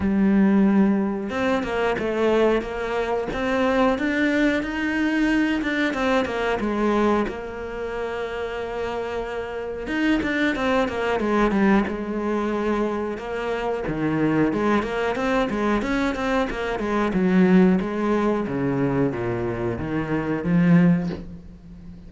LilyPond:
\new Staff \with { instrumentName = "cello" } { \time 4/4 \tempo 4 = 91 g2 c'8 ais8 a4 | ais4 c'4 d'4 dis'4~ | dis'8 d'8 c'8 ais8 gis4 ais4~ | ais2. dis'8 d'8 |
c'8 ais8 gis8 g8 gis2 | ais4 dis4 gis8 ais8 c'8 gis8 | cis'8 c'8 ais8 gis8 fis4 gis4 | cis4 ais,4 dis4 f4 | }